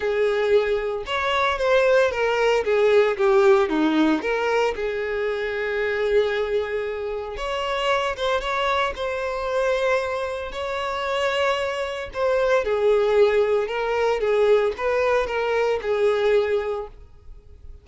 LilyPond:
\new Staff \with { instrumentName = "violin" } { \time 4/4 \tempo 4 = 114 gis'2 cis''4 c''4 | ais'4 gis'4 g'4 dis'4 | ais'4 gis'2.~ | gis'2 cis''4. c''8 |
cis''4 c''2. | cis''2. c''4 | gis'2 ais'4 gis'4 | b'4 ais'4 gis'2 | }